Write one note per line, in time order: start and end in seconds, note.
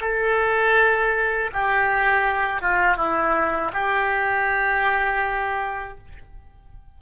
0.00 1.50 A4
1.53 2.61 G4
2.61 2.96 F4
2.96 3.71 E4
3.73 5.98 G4